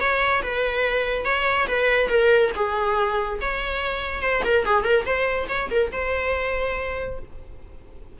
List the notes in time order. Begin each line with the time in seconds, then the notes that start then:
0.00 C#5
0.42 B4
1.25 C#5
1.68 B4
2.09 A#4
2.55 G#4
3.41 C#5
4.22 C5
4.44 A#4
4.65 G#4
4.84 A#4
5.06 C5
5.48 C#5
5.70 A#4
5.92 C5